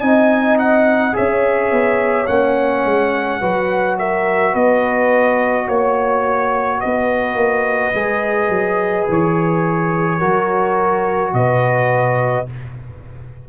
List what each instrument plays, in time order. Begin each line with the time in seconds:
0.00 tuba C4, trombone D#4, horn D#5, trumpet G#5
0.58 trumpet F#5
1.13 tuba C#4, trombone G#4, horn C#5, trumpet E5
1.71 tuba B3
2.27 tuba A#3, trombone C#4, trumpet F#5
2.85 tuba G#3
3.40 tuba F#3, trombone F#4, horn B4
3.98 horn A#4, trumpet E5
4.52 tuba B3, horn B4, trumpet D#5
5.67 tuba A#3, horn C#5, trumpet C#5
6.79 tuba B3, horn B4, trumpet D#5
7.35 tuba A#3
7.93 tuba G#3, trombone G#4
8.49 tuba F#3
9.09 tuba E3, trumpet C#5
10.18 tuba F#3, trombone F#4, horn A#4
11.33 tuba B2, horn B4, trumpet D#5